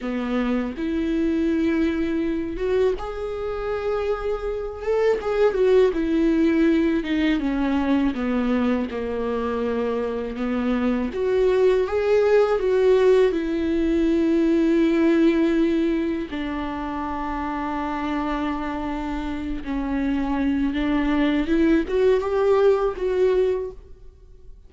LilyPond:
\new Staff \with { instrumentName = "viola" } { \time 4/4 \tempo 4 = 81 b4 e'2~ e'8 fis'8 | gis'2~ gis'8 a'8 gis'8 fis'8 | e'4. dis'8 cis'4 b4 | ais2 b4 fis'4 |
gis'4 fis'4 e'2~ | e'2 d'2~ | d'2~ d'8 cis'4. | d'4 e'8 fis'8 g'4 fis'4 | }